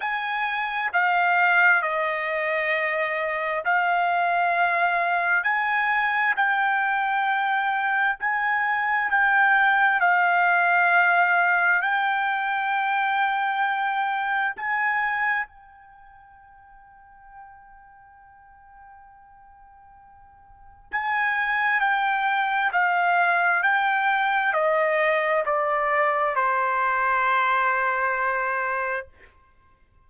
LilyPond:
\new Staff \with { instrumentName = "trumpet" } { \time 4/4 \tempo 4 = 66 gis''4 f''4 dis''2 | f''2 gis''4 g''4~ | g''4 gis''4 g''4 f''4~ | f''4 g''2. |
gis''4 g''2.~ | g''2. gis''4 | g''4 f''4 g''4 dis''4 | d''4 c''2. | }